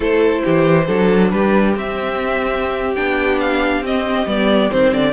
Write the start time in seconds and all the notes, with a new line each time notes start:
0.00 A3 E4 A4 C5
0.44 E3 G4
0.87 F#3 D4 A4
1.30 G3 G4 B4
1.75 C4 E5
2.95 B3 D4 G5
3.39 F5
3.81 C4 D#5
4.26 G3 B3 D5
4.70 D#3 C4 C5
4.93 D3 D5